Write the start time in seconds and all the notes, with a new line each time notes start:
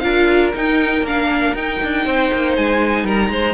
0.00 D4 F4 A#4 F5
0.54 D#4 G5
1.03 A#3 D4 F5
1.54 D#4 G5
1.84 D4
2.05 C4 C5
2.33 A#3
2.56 G#3 G#5
3.04 G3 A#4 A#5
3.30 G#3 C5